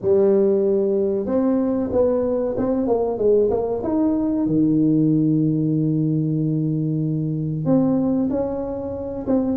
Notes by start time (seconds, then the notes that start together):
0.01 G3
1.26 C4
1.91 B3
2.57 C4
2.87 A#3
3.17 G#3
3.50 A#3
3.83 D#4
4.46 D#3
7.65 C4
8.30 C#4
9.26 C4